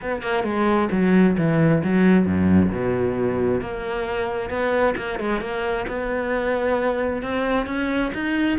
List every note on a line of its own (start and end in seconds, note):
0.01 0.22 B3
0.22 0.43 A#3
0.43 0.88 G#3
0.91 1.37 F#3
1.37 1.82 E3
1.83 2.26 F#3
2.26 2.71 F#2
2.71 3.61 B2
3.61 4.49 A#3
4.49 4.95 B3
4.96 5.19 A#3
5.19 5.40 G#3
5.40 5.85 A#3
5.87 7.22 B3
7.22 7.66 C4
7.66 8.11 C#4
8.14 8.58 D#4